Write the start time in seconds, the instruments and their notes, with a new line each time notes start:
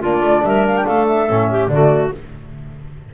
0.00 double bass A#3, trombone D4, clarinet F4, flute D5
0.20 double bass A3
0.43 double bass G3, clarinet A#4, flute E5
0.67 flute F5
0.77 flute G5
0.86 double bass A3, clarinet A4, flute F5
1.07 flute E5
1.28 double bass A2, trombone C#4
1.50 clarinet G4
1.67 double bass D3, trombone A3, clarinet F#4, flute D5